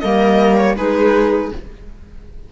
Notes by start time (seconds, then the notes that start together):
0.00 G3 A#3 A#4 D#5
0.58 C#5
0.76 G#3 D#4 G#4 B4